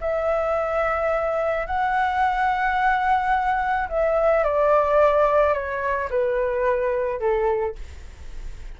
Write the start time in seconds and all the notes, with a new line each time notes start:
0.00 E5
1.66 F#5
3.88 E5
4.43 D5
5.53 C#5
6.10 B4
7.19 A4